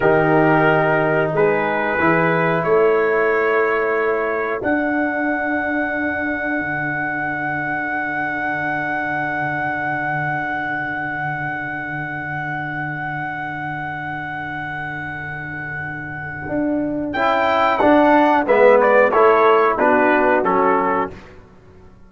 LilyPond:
<<
  \new Staff \with { instrumentName = "trumpet" } { \time 4/4 \tempo 4 = 91 ais'2 b'2 | cis''2. fis''4~ | fis''1~ | fis''1~ |
fis''1~ | fis''1~ | fis''2 g''4 fis''4 | e''8 d''8 cis''4 b'4 a'4 | }
  \new Staff \with { instrumentName = "horn" } { \time 4/4 g'2 gis'2 | a'1~ | a'1~ | a'1~ |
a'1~ | a'1~ | a'1 | b'4 a'4 fis'2 | }
  \new Staff \with { instrumentName = "trombone" } { \time 4/4 dis'2. e'4~ | e'2. d'4~ | d'1~ | d'1~ |
d'1~ | d'1~ | d'2 e'4 d'4 | b4 e'4 d'4 cis'4 | }
  \new Staff \with { instrumentName = "tuba" } { \time 4/4 dis2 gis4 e4 | a2. d'4~ | d'2 d2~ | d1~ |
d1~ | d1~ | d4 d'4 cis'4 d'4 | gis4 a4 b4 fis4 | }
>>